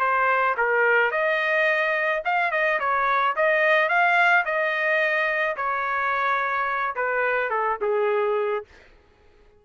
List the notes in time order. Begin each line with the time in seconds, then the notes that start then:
0.00 C5
0.58 A#4
1.12 D#5
2.25 F5
2.52 D#5
2.80 C#5
3.36 D#5
3.89 F5
4.45 D#5
5.57 C#5
6.96 B4
7.51 A4
7.82 G#4